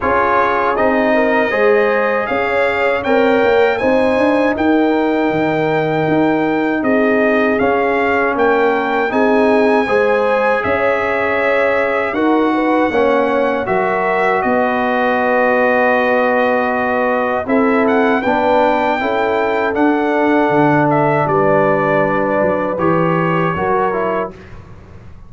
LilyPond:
<<
  \new Staff \with { instrumentName = "trumpet" } { \time 4/4 \tempo 4 = 79 cis''4 dis''2 f''4 | g''4 gis''4 g''2~ | g''4 dis''4 f''4 g''4 | gis''2 e''2 |
fis''2 e''4 dis''4~ | dis''2. e''8 fis''8 | g''2 fis''4. e''8 | d''2 cis''2 | }
  \new Staff \with { instrumentName = "horn" } { \time 4/4 gis'4. ais'8 c''4 cis''4~ | cis''4 c''4 ais'2~ | ais'4 gis'2 ais'4 | gis'4 c''4 cis''2 |
ais'8 b'8 cis''4 ais'4 b'4~ | b'2. a'4 | b'4 a'2. | b'2. ais'4 | }
  \new Staff \with { instrumentName = "trombone" } { \time 4/4 f'4 dis'4 gis'2 | ais'4 dis'2.~ | dis'2 cis'2 | dis'4 gis'2. |
fis'4 cis'4 fis'2~ | fis'2. e'4 | d'4 e'4 d'2~ | d'2 g'4 fis'8 e'8 | }
  \new Staff \with { instrumentName = "tuba" } { \time 4/4 cis'4 c'4 gis4 cis'4 | c'8 ais8 c'8 d'8 dis'4 dis4 | dis'4 c'4 cis'4 ais4 | c'4 gis4 cis'2 |
dis'4 ais4 fis4 b4~ | b2. c'4 | b4 cis'4 d'4 d4 | g4. fis8 e4 fis4 | }
>>